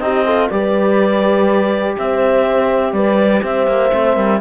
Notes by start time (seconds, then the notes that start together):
0.00 C4 D#4 G4 D#5
0.26 F4 A4
0.49 G3 G4 B4 D5
1.98 C4 C5 E5
2.93 G3 B4 D5
3.43 C4 C5 E5
3.67 A#3
3.92 A3 C4
4.15 G3 A#4